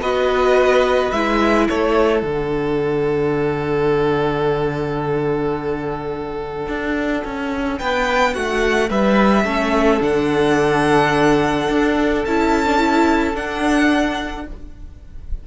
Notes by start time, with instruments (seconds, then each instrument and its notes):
0.00 cello B3, viola F#4, violin B4 D#5
1.11 cello G#3, viola E4, violin E5
1.68 cello A3, violin A4 C#5
2.22 cello D3, viola D4, violin F#5
6.68 cello D4
7.25 cello C#4
7.79 cello B3, violin B4 G5
8.34 cello A3, violin F#4 F#5
8.89 cello G3, violin B4 E5
9.44 cello A3, viola C#4, violin A4
10.00 cello D3, viola D4, violin F#5
11.69 cello D4
12.25 cello C#4, viola E4, violin A5
12.67 viola D4
12.78 viola E4
13.35 viola D4, cello D4, violin F#5